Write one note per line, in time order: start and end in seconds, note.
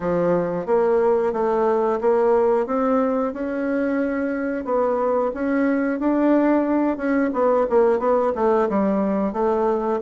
0.00 0.65 F3
0.65 1.32 A#3
1.32 1.99 A3
2.01 2.66 A#3
2.66 3.33 C4
3.33 4.65 C#4
4.65 5.31 B3
5.34 5.99 C#4
5.99 6.97 D4
6.97 7.30 C#4
7.33 7.66 B3
7.69 7.98 A#3
7.98 8.32 B3
8.35 8.68 A3
8.68 9.32 G3
9.32 9.99 A3